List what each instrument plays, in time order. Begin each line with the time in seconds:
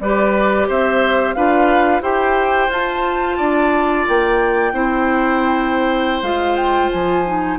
0.00 bassoon G3, clarinet G4, oboe B4, flute D5
0.67 bassoon C4, oboe C5, flute E5
1.33 bassoon D4, clarinet F4, oboe B4, flute F5
2.01 bassoon E4, clarinet G4, oboe C5, flute G5
2.68 bassoon F4, clarinet F4, flute A5
3.37 bassoon D4, oboe D5
4.08 bassoon A#3, flute G5
4.72 bassoon C4, clarinet E4, oboe C5
6.22 bassoon G#3, clarinet F4, flute F5
6.55 flute G5
6.90 bassoon F3, flute G#5
7.25 clarinet D#4